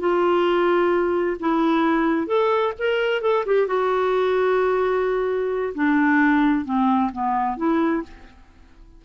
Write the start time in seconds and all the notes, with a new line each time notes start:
0.00 F4
1.40 E4
2.27 A4
2.79 A#4
3.22 A4
3.46 G4
3.67 F#4
5.75 D4
6.66 C4
7.13 B3
7.57 E4